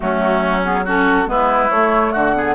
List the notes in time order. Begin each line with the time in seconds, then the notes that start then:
0.00 F#3 A3 C#4 F#4
0.64 B3 G#4
0.84 C#4 F#4 A4
1.26 G#3 B3 E4 B4
1.69 A3 C#5
2.12 D3 F#4 F#5
2.35 B3 G#4